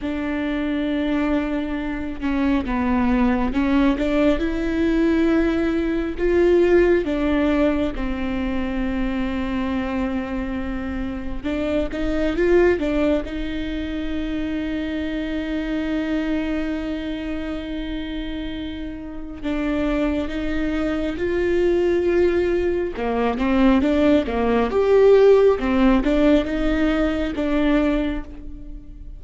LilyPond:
\new Staff \with { instrumentName = "viola" } { \time 4/4 \tempo 4 = 68 d'2~ d'8 cis'8 b4 | cis'8 d'8 e'2 f'4 | d'4 c'2.~ | c'4 d'8 dis'8 f'8 d'8 dis'4~ |
dis'1~ | dis'2 d'4 dis'4 | f'2 ais8 c'8 d'8 ais8 | g'4 c'8 d'8 dis'4 d'4 | }